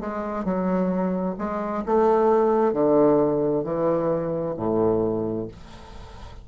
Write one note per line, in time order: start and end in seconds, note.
0.00 0.44 G#3
0.44 1.35 F#3
1.38 1.83 G#3
1.86 2.73 A3
2.73 3.64 D3
3.64 4.55 E3
4.57 5.48 A2